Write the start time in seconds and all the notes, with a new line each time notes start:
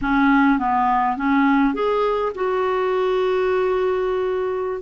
0.01 C#4
0.58 B3
1.17 C#4
1.74 G#4
2.34 F#4